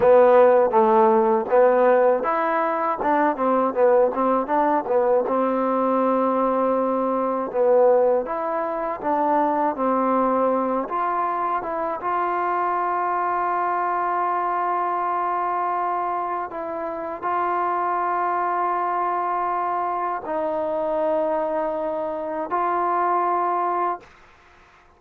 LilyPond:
\new Staff \with { instrumentName = "trombone" } { \time 4/4 \tempo 4 = 80 b4 a4 b4 e'4 | d'8 c'8 b8 c'8 d'8 b8 c'4~ | c'2 b4 e'4 | d'4 c'4. f'4 e'8 |
f'1~ | f'2 e'4 f'4~ | f'2. dis'4~ | dis'2 f'2 | }